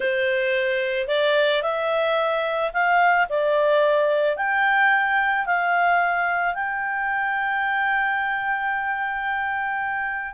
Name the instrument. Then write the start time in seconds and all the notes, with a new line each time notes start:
clarinet
0.00 C5
1.07 D5
1.62 E5
2.73 F5
3.29 D5
4.37 G5
5.46 F5
6.54 G5